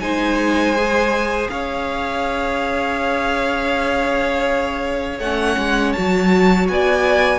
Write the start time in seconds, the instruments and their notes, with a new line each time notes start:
0.00 cello G#3, viola D#4, violin C5 G#5
0.77 viola G#4
1.50 cello C#4, violin C#5 F5
5.19 cello A3, viola C#4, violin F#5
5.58 cello G#3
5.93 cello F#3, viola F#4, violin A5
6.69 cello B3, violin D5 G#5